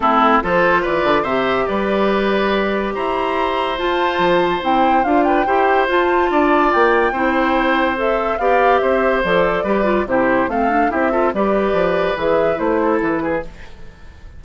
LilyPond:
<<
  \new Staff \with { instrumentName = "flute" } { \time 4/4 \tempo 4 = 143 a'4 c''4 d''4 e''4 | d''2. ais''4~ | ais''4 a''2 g''4 | f''8 g''4. a''2 |
g''2. e''4 | f''4 e''4 d''2 | c''4 f''4 e''4 d''4~ | d''4 e''4 c''4 b'4 | }
  \new Staff \with { instrumentName = "oboe" } { \time 4/4 e'4 a'4 b'4 c''4 | b'2. c''4~ | c''1~ | c''8 b'8 c''2 d''4~ |
d''4 c''2. | d''4 c''2 b'4 | g'4 a'4 g'8 a'8 b'4~ | b'2~ b'8 a'4 gis'8 | }
  \new Staff \with { instrumentName = "clarinet" } { \time 4/4 c'4 f'2 g'4~ | g'1~ | g'4 f'2 e'4 | f'4 g'4 f'2~ |
f'4 e'2 a'4 | g'2 a'4 g'8 f'8 | e'4 c'8 d'8 e'8 f'8 g'4~ | g'4 gis'4 e'2 | }
  \new Staff \with { instrumentName = "bassoon" } { \time 4/4 a4 f4 e8 d8 c4 | g2. e'4~ | e'4 f'4 f4 c'4 | d'4 e'4 f'4 d'4 |
ais4 c'2. | b4 c'4 f4 g4 | c4 a4 c'4 g4 | f4 e4 a4 e4 | }
>>